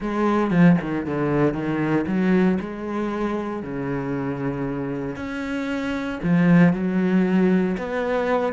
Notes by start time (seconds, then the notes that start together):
0.00 G#3
0.50 F3
0.81 D#3
1.06 D3
1.53 D#3
2.06 F#3
2.60 G#3
3.62 C#3
5.16 C#4
6.23 F3
6.73 F#3
7.77 B3